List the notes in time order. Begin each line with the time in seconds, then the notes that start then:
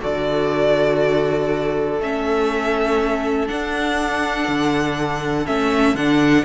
0.00 D3 F#4 A4 D5
2.00 A3 C#4 E5
3.46 D4 F#5
4.48 D3
5.46 A3 C#4 E5
5.94 D3 D4 F#5